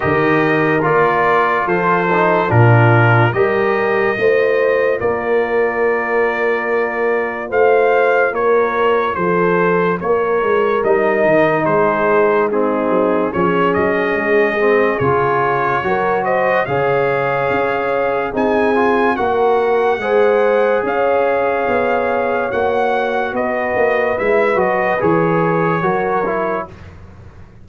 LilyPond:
<<
  \new Staff \with { instrumentName = "trumpet" } { \time 4/4 \tempo 4 = 72 dis''4 d''4 c''4 ais'4 | dis''2 d''2~ | d''4 f''4 cis''4 c''4 | cis''4 dis''4 c''4 gis'4 |
cis''8 dis''4. cis''4. dis''8 | f''2 gis''4 fis''4~ | fis''4 f''2 fis''4 | dis''4 e''8 dis''8 cis''2 | }
  \new Staff \with { instrumentName = "horn" } { \time 4/4 ais'2 a'4 f'4 | ais'4 c''4 ais'2~ | ais'4 c''4 ais'4 a'4 | ais'2 gis'4 dis'4 |
gis'2. ais'8 c''8 | cis''2 gis'4 ais'4 | c''4 cis''2. | b'2. ais'4 | }
  \new Staff \with { instrumentName = "trombone" } { \time 4/4 g'4 f'4. dis'8 d'4 | g'4 f'2.~ | f'1~ | f'4 dis'2 c'4 |
cis'4. c'8 f'4 fis'4 | gis'2 dis'8 f'8 fis'4 | gis'2. fis'4~ | fis'4 e'8 fis'8 gis'4 fis'8 e'8 | }
  \new Staff \with { instrumentName = "tuba" } { \time 4/4 dis4 ais4 f4 ais,4 | g4 a4 ais2~ | ais4 a4 ais4 f4 | ais8 gis8 g8 dis8 gis4. fis8 |
f8 fis8 gis4 cis4 fis4 | cis4 cis'4 c'4 ais4 | gis4 cis'4 b4 ais4 | b8 ais8 gis8 fis8 e4 fis4 | }
>>